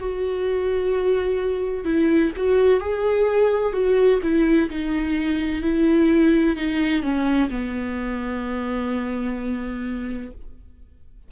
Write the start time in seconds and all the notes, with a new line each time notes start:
0.00 F#4
1.85 E4
2.37 F#4
2.80 G#4
3.73 F#4
4.23 E4
4.70 D#4
5.62 E4
6.57 D#4
7.03 C#4
7.50 B3